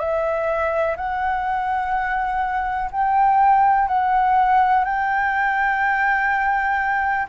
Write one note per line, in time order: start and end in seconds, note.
0.00 0.97 E5
0.97 2.91 F#5
2.92 3.88 G5
3.88 4.85 F#5
4.85 7.27 G5